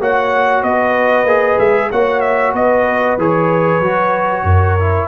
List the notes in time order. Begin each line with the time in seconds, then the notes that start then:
0.00 A#3 F#4 C#5 F#5
0.62 B3 B4 D#5
1.24 A#3 G#4
1.59 G#3 E5
1.91 A#3 F#4 C#5 F#5
2.20 E5
2.53 B3 B4 D#5
3.17 E3 G#4 C#5
3.80 F#3 F#4
4.43 F#2 A#4
4.80 E4